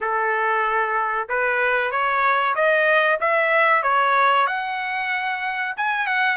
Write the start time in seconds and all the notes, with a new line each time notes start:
0.01 A4
1.29 B4
1.91 C#5
2.55 D#5
3.20 E5
3.83 C#5
4.47 F#5
5.76 G#5
6.06 F#5